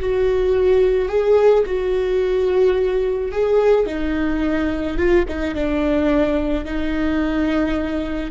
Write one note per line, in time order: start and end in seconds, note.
0.00 1.09 F#4
1.09 1.65 G#4
1.66 3.32 F#4
3.32 3.87 G#4
3.87 4.98 D#4
4.98 5.26 F4
5.29 5.55 D#4
5.55 6.66 D4
6.66 8.32 D#4